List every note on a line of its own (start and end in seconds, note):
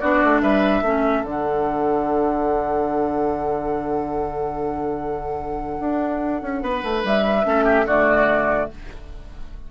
0.00 0.23 B3
0.00 0.85 D4
0.00 0.42 F#4
0.00 0.41 D5
0.24 0.43 A3
0.42 0.82 G3
0.42 0.84 B4
0.42 1.24 E5
0.82 1.23 A3
0.82 1.25 C#4
0.82 6.63 A4
1.24 5.79 D3
1.24 7.45 D4
1.24 7.03 F#5
5.80 6.42 D4
6.42 6.62 C#4
6.62 6.83 B3
6.62 7.46 B4
6.83 7.04 A3
7.04 7.45 G3
7.04 7.88 E5
7.45 7.86 A3
7.45 7.86 C#4
7.45 7.65 A4
7.65 7.85 G4
7.86 8.69 D3
7.86 8.71 A3
7.86 8.70 F#4
7.86 8.71 D5